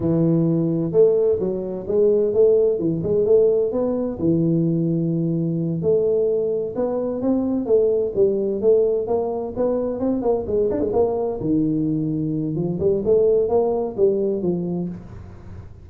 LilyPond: \new Staff \with { instrumentName = "tuba" } { \time 4/4 \tempo 4 = 129 e2 a4 fis4 | gis4 a4 e8 gis8 a4 | b4 e2.~ | e8 a2 b4 c'8~ |
c'8 a4 g4 a4 ais8~ | ais8 b4 c'8 ais8 gis8 d'16 gis16 ais8~ | ais8 dis2~ dis8 f8 g8 | a4 ais4 g4 f4 | }